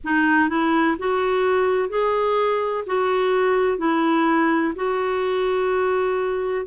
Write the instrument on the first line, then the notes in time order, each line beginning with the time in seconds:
clarinet
0.03 D#4
0.48 E4
0.98 F#4
1.89 G#4
2.86 F#4
3.78 E4
4.75 F#4